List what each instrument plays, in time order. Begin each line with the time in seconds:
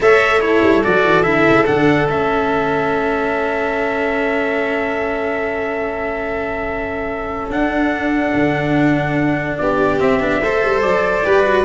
0.00 tuba A3, cello A4, violin C#5, trumpet E5
0.40 cello E4, violin A4, trumpet C#5
0.62 tuba G3
0.83 tuba F#3, cello F#4, trumpet D5
1.04 tuba E3
1.23 tuba D3, cello E4, trumpet E5
1.48 tuba C#3
1.66 tuba D3, cello D4, trumpet F#5
2.07 tuba A3, cello C#4, trumpet E5
7.49 tuba D4, cello D4, trumpet F#5
8.33 tuba D3
9.57 tuba B3, violin G4, trumpet D5
9.99 cello C4, tuba C4, trumpet E5
10.19 tuba B3, cello D4
10.42 tuba A3, cello A4, violin C5
10.63 tuba G3
10.81 tuba F#3, trumpet D5
11.25 tuba G3, cello G4, violin B4
11.42 cello F#4